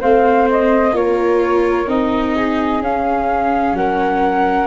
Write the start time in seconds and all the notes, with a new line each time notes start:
0.00 A3 C4 C5 F5
0.50 D#5
0.92 A#3 F4 A#4 C#5
1.87 C4 D#4 D#5
2.35 G#4
2.80 C#4 F5
3.72 F#3 A#4 F#5